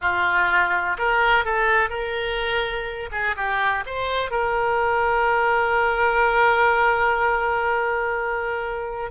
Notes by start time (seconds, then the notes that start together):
0.01 F4
0.98 A#4
1.44 A4
1.89 A#4
3.11 G#4
3.36 G4
3.85 C5
4.30 A#4